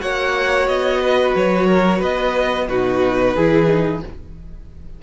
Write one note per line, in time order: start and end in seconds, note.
0.00 0.68 A#3
0.00 2.67 F#4
0.00 1.01 C#5
0.00 0.68 F#5
0.68 1.35 B3
0.68 1.34 D#5
1.01 1.67 B4
1.35 2.02 F#3
1.35 2.02 C#5
1.67 1.99 A#4
1.99 2.69 B3
1.99 2.66 B4
1.99 2.69 D#5
2.69 3.35 B2
2.69 3.37 D#4
2.69 3.36 F#4
2.69 4.02 B4
3.36 4.03 E3
3.36 3.67 E4
3.36 4.02 G#4
3.67 4.00 D#4